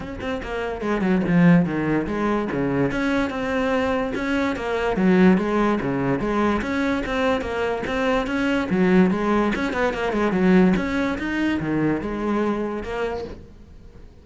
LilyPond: \new Staff \with { instrumentName = "cello" } { \time 4/4 \tempo 4 = 145 cis'8 c'8 ais4 gis8 fis8 f4 | dis4 gis4 cis4 cis'4 | c'2 cis'4 ais4 | fis4 gis4 cis4 gis4 |
cis'4 c'4 ais4 c'4 | cis'4 fis4 gis4 cis'8 b8 | ais8 gis8 fis4 cis'4 dis'4 | dis4 gis2 ais4 | }